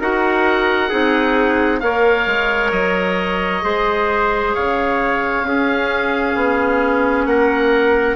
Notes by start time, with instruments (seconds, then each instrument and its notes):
0.00 bassoon D#4, clarinet F#4, trumpet A#4, oboe F#5
0.89 bassoon C4, clarinet D#4, trumpet G#4
1.80 bassoon A#3, clarinet A#4, trumpet C#5, oboe F5
2.27 bassoon G#3
2.72 bassoon F#3, oboe D#5
3.62 bassoon G#3, clarinet G#4, trumpet C5
4.55 bassoon C#3, trumpet C#5, oboe F5
5.43 bassoon C#4, clarinet C#4, trumpet G#4
6.36 bassoon B3
7.26 bassoon A#3, trumpet A#4, oboe F#5